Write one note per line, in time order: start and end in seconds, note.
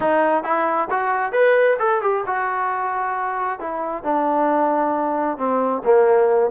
0.00 0.43 D#4
0.43 0.88 E4
0.90 1.32 F#4
1.32 1.77 B4
1.79 2.01 A4
2.01 2.24 G4
2.26 3.59 F#4
3.59 4.03 E4
4.03 5.37 D4
5.37 5.82 C4
5.84 6.50 A#3